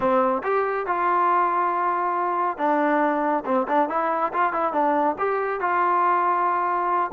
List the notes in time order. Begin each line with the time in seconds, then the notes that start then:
0.00 C4
0.43 G4
0.86 F4
2.57 D4
3.45 C4
3.68 D4
3.89 E4
4.33 F4
4.52 E4
4.72 D4
5.18 G4
5.60 F4